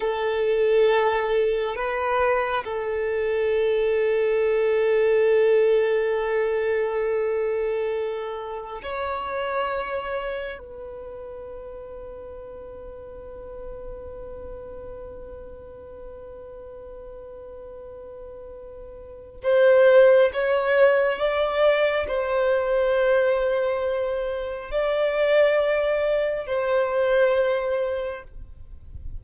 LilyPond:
\new Staff \with { instrumentName = "violin" } { \time 4/4 \tempo 4 = 68 a'2 b'4 a'4~ | a'1~ | a'2 cis''2 | b'1~ |
b'1~ | b'2 c''4 cis''4 | d''4 c''2. | d''2 c''2 | }